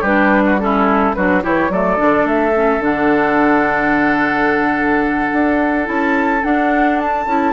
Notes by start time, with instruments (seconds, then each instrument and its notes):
0.00 bassoon G3, clarinet D4, oboe G4, flute B4
0.45 oboe F#4
0.59 clarinet C#4, oboe E4, flute A4
1.14 bassoon F#3, clarinet D4, oboe F#4, flute B4
1.42 bassoon E3, clarinet E4, oboe G4, flute C#5
1.69 bassoon F#3, clarinet A3, oboe A4, flute D5
1.97 bassoon D3, clarinet D4
2.24 bassoon A3, flute E5
2.55 clarinet C#4
2.79 bassoon D3, clarinet D4, flute F#5
5.33 bassoon D4
5.84 bassoon C#4, clarinet E4, flute A5
6.42 clarinet D4, bassoon D4, flute F#5
6.98 flute A5
7.26 bassoon C#4, clarinet E4